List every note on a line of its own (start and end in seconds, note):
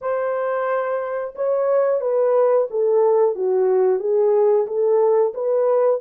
0.01 1.34 C5
1.35 2.01 C#5
2.01 2.67 B4
2.70 3.35 A4
3.35 3.99 F#4
3.99 4.66 G#4
4.66 5.33 A4
5.33 6.00 B4